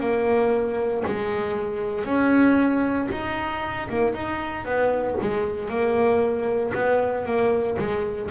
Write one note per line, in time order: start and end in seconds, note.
0.00 1.03 A#3
1.06 2.05 G#3
2.05 3.08 C#4
3.11 3.88 D#4
3.89 4.14 A#3
4.14 4.65 D#4
4.65 5.17 B3
5.21 5.69 G#3
5.69 6.72 A#3
6.74 7.26 B3
7.26 7.77 A#3
7.78 8.30 G#3